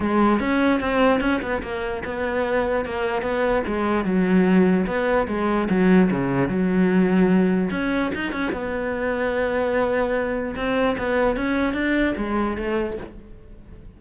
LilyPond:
\new Staff \with { instrumentName = "cello" } { \time 4/4 \tempo 4 = 148 gis4 cis'4 c'4 cis'8 b8 | ais4 b2 ais4 | b4 gis4 fis2 | b4 gis4 fis4 cis4 |
fis2. cis'4 | dis'8 cis'8 b2.~ | b2 c'4 b4 | cis'4 d'4 gis4 a4 | }